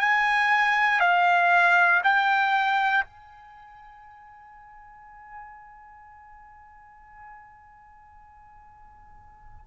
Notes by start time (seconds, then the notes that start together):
0.00 G#5
1.00 F5
2.04 G5
3.04 G#5